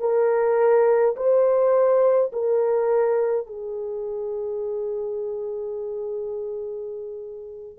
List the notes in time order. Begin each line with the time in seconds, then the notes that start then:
0.00 A#4
1.16 C5
2.32 A#4
3.47 G#4